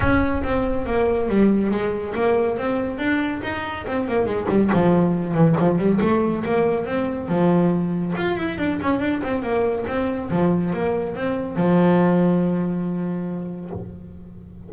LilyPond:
\new Staff \with { instrumentName = "double bass" } { \time 4/4 \tempo 4 = 140 cis'4 c'4 ais4 g4 | gis4 ais4 c'4 d'4 | dis'4 c'8 ais8 gis8 g8 f4~ | f8 e8 f8 g8 a4 ais4 |
c'4 f2 f'8 e'8 | d'8 cis'8 d'8 c'8 ais4 c'4 | f4 ais4 c'4 f4~ | f1 | }